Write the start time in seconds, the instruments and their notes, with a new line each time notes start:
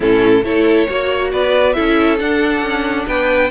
0.00 cello A2, viola C#4, violin E4 A4
0.43 cello A3, viola E4, violin A4 C#5
0.87 cello A#3, viola F#4, violin C#5
1.31 cello B3, violin B4 D5
1.73 cello C#4, viola E4, violin A4 E5
2.19 viola D4, cello D4, violin F#5
2.61 cello C#4
3.06 cello B3, violin B4 G5